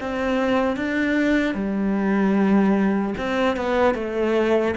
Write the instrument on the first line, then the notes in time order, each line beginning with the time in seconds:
cello
0.00 C4
0.76 D4
1.54 G3
3.17 C4
3.56 B3
3.94 A3